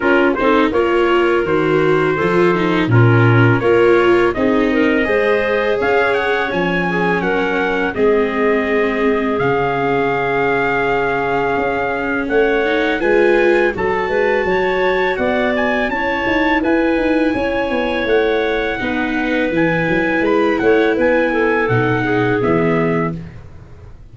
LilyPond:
<<
  \new Staff \with { instrumentName = "trumpet" } { \time 4/4 \tempo 4 = 83 ais'8 c''8 cis''4 c''2 | ais'4 cis''4 dis''2 | f''8 fis''8 gis''4 fis''4 dis''4~ | dis''4 f''2.~ |
f''4 fis''4 gis''4 a''4~ | a''4 fis''8 gis''8 a''4 gis''4~ | gis''4 fis''2 gis''4 | b''8 fis''8 gis''4 fis''4 e''4 | }
  \new Staff \with { instrumentName = "clarinet" } { \time 4/4 f'8 a'8 ais'2 a'4 | f'4 ais'4 gis'8 ais'8 c''4 | cis''4. gis'8 ais'4 gis'4~ | gis'1~ |
gis'4 cis''4 b'4 a'8 b'8 | cis''4 d''4 cis''4 b'4 | cis''2 b'2~ | b'8 cis''8 b'8 a'4 gis'4. | }
  \new Staff \with { instrumentName = "viola" } { \time 4/4 cis'8 dis'8 f'4 fis'4 f'8 dis'8 | cis'4 f'4 dis'4 gis'4~ | gis'4 cis'2 c'4~ | c'4 cis'2.~ |
cis'4. dis'8 f'4 fis'4~ | fis'2 e'2~ | e'2 dis'4 e'4~ | e'2 dis'4 b4 | }
  \new Staff \with { instrumentName = "tuba" } { \time 4/4 cis'8 c'8 ais4 dis4 f4 | ais,4 ais4 c'4 gis4 | cis'4 f4 fis4 gis4~ | gis4 cis2. |
cis'4 a4 gis4 fis8 gis8 | fis4 b4 cis'8 dis'8 e'8 dis'8 | cis'8 b8 a4 b4 e8 fis8 | gis8 a8 b4 b,4 e4 | }
>>